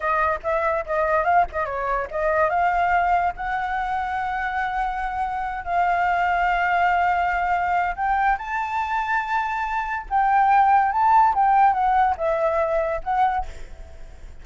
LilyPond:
\new Staff \with { instrumentName = "flute" } { \time 4/4 \tempo 4 = 143 dis''4 e''4 dis''4 f''8 dis''8 | cis''4 dis''4 f''2 | fis''1~ | fis''4. f''2~ f''8~ |
f''2. g''4 | a''1 | g''2 a''4 g''4 | fis''4 e''2 fis''4 | }